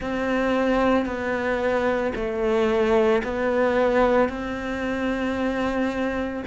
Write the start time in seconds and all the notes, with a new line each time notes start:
0.00 C4
1.05 B3
2.15 A3
3.23 B3
4.29 C4